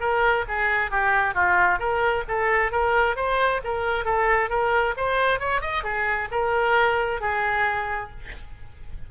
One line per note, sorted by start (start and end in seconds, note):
0.00 0.45 A#4
0.48 0.91 G#4
0.91 1.35 G4
1.35 1.79 F4
1.79 2.24 A#4
2.28 2.72 A4
2.72 3.16 A#4
3.16 3.61 C5
3.64 4.05 A#4
4.05 4.49 A4
4.49 4.94 A#4
4.97 5.40 C5
5.40 5.61 C#5
5.61 5.84 D#5
5.84 6.28 G#4
6.31 7.21 A#4
7.21 8.10 G#4